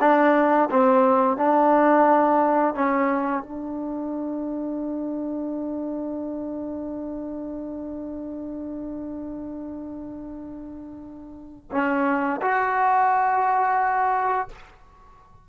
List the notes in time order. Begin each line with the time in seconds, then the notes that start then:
0.00 D4
0.70 C4
1.37 D4
2.75 C#4
3.43 D4
11.71 C#4
12.41 F#4